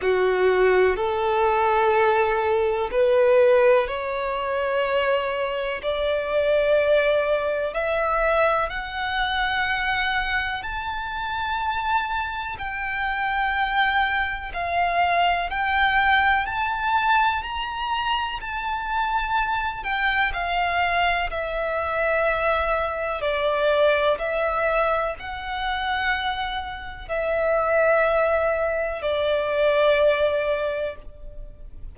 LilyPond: \new Staff \with { instrumentName = "violin" } { \time 4/4 \tempo 4 = 62 fis'4 a'2 b'4 | cis''2 d''2 | e''4 fis''2 a''4~ | a''4 g''2 f''4 |
g''4 a''4 ais''4 a''4~ | a''8 g''8 f''4 e''2 | d''4 e''4 fis''2 | e''2 d''2 | }